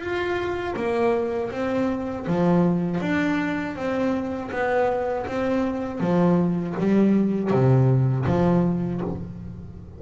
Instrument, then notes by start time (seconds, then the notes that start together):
double bass
0.00 F4
0.77 A#3
1.51 C4
2.27 F3
3.01 D4
3.76 C4
4.52 B3
5.27 C4
6.00 F3
6.79 G3
7.51 C3
8.26 F3